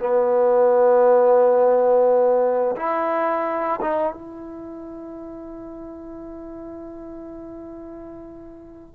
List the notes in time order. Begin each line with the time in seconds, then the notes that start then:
0.00 B3
2.76 E4
3.81 D#4
4.13 E4